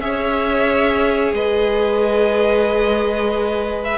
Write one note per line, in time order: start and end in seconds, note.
0.00 1.32 C#4
0.00 3.97 G#4
0.00 1.35 C#5
0.00 1.33 E5
1.32 3.97 G#3
1.32 3.97 B4
1.32 3.84 D#5
3.84 3.97 E5